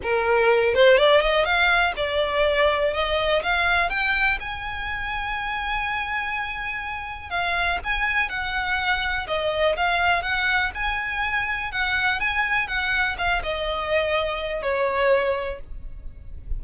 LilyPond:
\new Staff \with { instrumentName = "violin" } { \time 4/4 \tempo 4 = 123 ais'4. c''8 d''8 dis''8 f''4 | d''2 dis''4 f''4 | g''4 gis''2.~ | gis''2. f''4 |
gis''4 fis''2 dis''4 | f''4 fis''4 gis''2 | fis''4 gis''4 fis''4 f''8 dis''8~ | dis''2 cis''2 | }